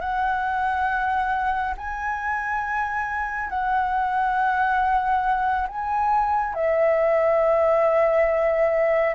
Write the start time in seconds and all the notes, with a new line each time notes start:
0.00 F#5
1.77 G#5
3.49 F#5
5.68 G#5
6.54 E5